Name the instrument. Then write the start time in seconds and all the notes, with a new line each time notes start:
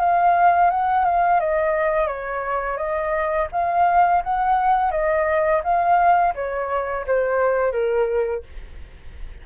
flute
0.00 F5
0.71 F#5
1.05 F5
1.40 D#5
2.08 C#5
2.77 D#5
3.52 F5
4.24 F#5
4.92 D#5
5.64 F5
6.35 C#5
7.07 C5
7.72 A#4